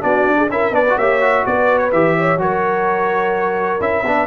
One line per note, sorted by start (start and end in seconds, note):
0.00 0.27 B3
0.00 0.47 D4
0.00 0.37 F#4
0.00 0.49 D5
0.27 0.49 D4
0.37 0.49 G#4
0.49 0.70 C#4
0.49 0.72 E4
0.49 0.74 A#4
0.49 0.74 E5
0.70 0.94 B3
0.70 0.84 D4
0.70 0.97 B4
0.70 0.98 D5
0.89 1.00 F#4
0.97 1.45 A#3
0.97 1.21 G4
0.97 1.44 C#5
0.97 1.45 E5
1.21 1.91 F#4
1.46 1.92 B3
1.46 2.18 B4
1.46 1.78 D5
1.78 1.90 C#5
1.92 2.38 E3
1.92 2.38 G4
1.92 2.39 E5
2.18 2.41 C#5
2.38 3.80 F#3
2.38 3.80 F#4
2.38 4.04 A#4
2.38 3.81 C#5
3.80 4.03 C#4
3.80 4.03 E4
3.80 4.26 E5
4.03 4.26 B3
4.03 4.26 D4
4.03 4.26 B4